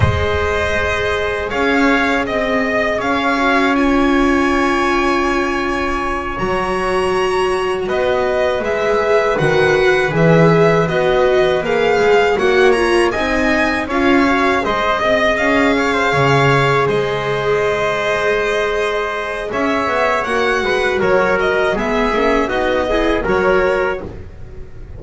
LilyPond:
<<
  \new Staff \with { instrumentName = "violin" } { \time 4/4 \tempo 4 = 80 dis''2 f''4 dis''4 | f''4 gis''2.~ | gis''8 ais''2 dis''4 e''8~ | e''8 fis''4 e''4 dis''4 f''8~ |
f''8 fis''8 ais''8 gis''4 f''4 dis''8~ | dis''8 f''2 dis''4.~ | dis''2 e''4 fis''4 | cis''8 dis''8 e''4 dis''4 cis''4 | }
  \new Staff \with { instrumentName = "trumpet" } { \time 4/4 c''2 cis''4 dis''4 | cis''1~ | cis''2~ cis''8 b'4.~ | b'1~ |
b'8 cis''4 dis''4 cis''4 c''8 | dis''4 cis''16 c''16 cis''4 c''4.~ | c''2 cis''4. b'8 | ais'4 gis'4 fis'8 gis'8 ais'4 | }
  \new Staff \with { instrumentName = "viola" } { \time 4/4 gis'1~ | gis'8 fis'8 f'2.~ | f'8 fis'2. gis'8~ | gis'8 fis'4 gis'4 fis'4 gis'8~ |
gis'8 fis'8 f'8 dis'4 f'8 fis'8 gis'8~ | gis'1~ | gis'2. fis'4~ | fis'4 b8 cis'8 dis'8 e'8 fis'4 | }
  \new Staff \with { instrumentName = "double bass" } { \time 4/4 gis2 cis'4 c'4 | cis'1~ | cis'8 fis2 b4 gis8~ | gis8 dis4 e4 b4 ais8 |
gis8 ais4 c'4 cis'4 gis8 | c'8 cis'4 cis4 gis4.~ | gis2 cis'8 b8 ais8 gis8 | fis4 gis8 ais8 b4 fis4 | }
>>